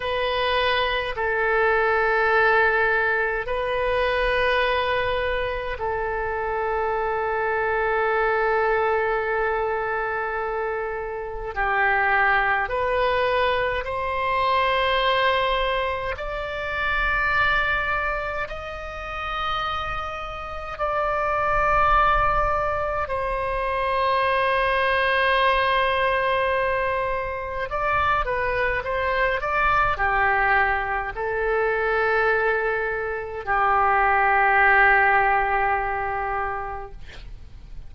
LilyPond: \new Staff \with { instrumentName = "oboe" } { \time 4/4 \tempo 4 = 52 b'4 a'2 b'4~ | b'4 a'2.~ | a'2 g'4 b'4 | c''2 d''2 |
dis''2 d''2 | c''1 | d''8 b'8 c''8 d''8 g'4 a'4~ | a'4 g'2. | }